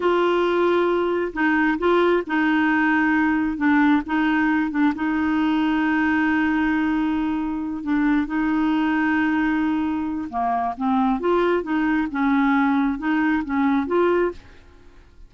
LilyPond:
\new Staff \with { instrumentName = "clarinet" } { \time 4/4 \tempo 4 = 134 f'2. dis'4 | f'4 dis'2. | d'4 dis'4. d'8 dis'4~ | dis'1~ |
dis'4. d'4 dis'4.~ | dis'2. ais4 | c'4 f'4 dis'4 cis'4~ | cis'4 dis'4 cis'4 f'4 | }